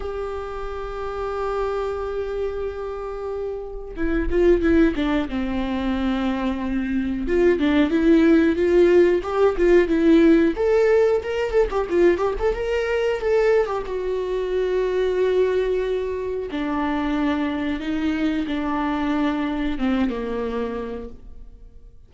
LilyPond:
\new Staff \with { instrumentName = "viola" } { \time 4/4 \tempo 4 = 91 g'1~ | g'2 e'8 f'8 e'8 d'8 | c'2. f'8 d'8 | e'4 f'4 g'8 f'8 e'4 |
a'4 ais'8 a'16 g'16 f'8 g'16 a'16 ais'4 | a'8. g'16 fis'2.~ | fis'4 d'2 dis'4 | d'2 c'8 ais4. | }